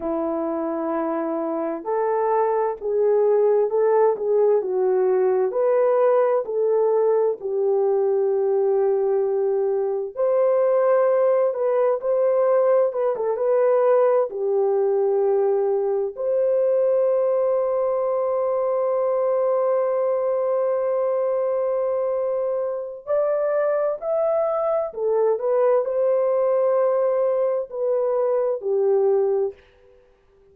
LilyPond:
\new Staff \with { instrumentName = "horn" } { \time 4/4 \tempo 4 = 65 e'2 a'4 gis'4 | a'8 gis'8 fis'4 b'4 a'4 | g'2. c''4~ | c''8 b'8 c''4 b'16 a'16 b'4 g'8~ |
g'4. c''2~ c''8~ | c''1~ | c''4 d''4 e''4 a'8 b'8 | c''2 b'4 g'4 | }